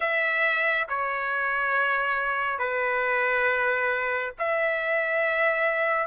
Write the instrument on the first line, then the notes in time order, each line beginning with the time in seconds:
trumpet
0.00 E5
0.88 C#5
2.58 B4
4.38 E5